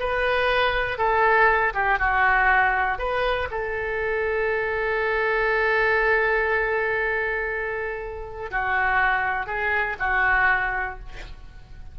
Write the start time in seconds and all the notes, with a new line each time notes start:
0.00 B4
0.98 A4
1.74 G4
1.99 F#4
2.99 B4
3.51 A4
8.51 F#4
9.47 G#4
9.99 F#4